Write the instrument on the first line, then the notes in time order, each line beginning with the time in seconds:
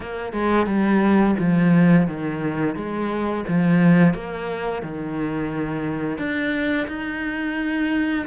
cello
0.00 A#3
0.33 G#3
0.66 G3
1.39 F3
2.07 D#3
2.75 G#3
3.47 F3
4.14 A#3
4.82 D#3
6.18 D4
6.87 D#4